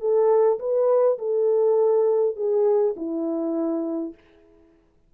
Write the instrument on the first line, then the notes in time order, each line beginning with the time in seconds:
horn
0.00 A4
0.59 B4
1.19 A4
2.36 G#4
2.97 E4